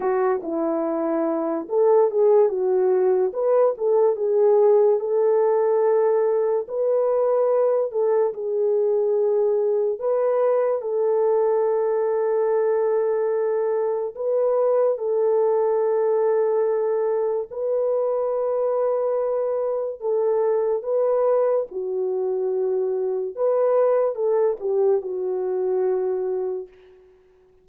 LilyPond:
\new Staff \with { instrumentName = "horn" } { \time 4/4 \tempo 4 = 72 fis'8 e'4. a'8 gis'8 fis'4 | b'8 a'8 gis'4 a'2 | b'4. a'8 gis'2 | b'4 a'2.~ |
a'4 b'4 a'2~ | a'4 b'2. | a'4 b'4 fis'2 | b'4 a'8 g'8 fis'2 | }